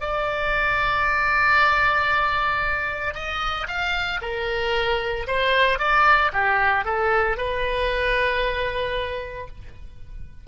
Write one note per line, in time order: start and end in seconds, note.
0.00 3.14 D5
3.14 3.67 D#5
3.67 4.20 F5
4.21 5.26 A#4
5.27 5.78 C5
5.78 6.31 D5
6.33 6.84 G4
6.84 7.37 A4
7.37 9.47 B4